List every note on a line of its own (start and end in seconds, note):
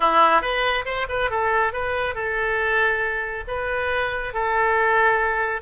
0.00 0.41 E4
0.41 0.84 B4
0.85 1.07 C5
1.09 1.30 B4
1.30 1.73 A4
1.73 2.14 B4
2.14 3.44 A4
3.47 4.33 B4
4.33 5.61 A4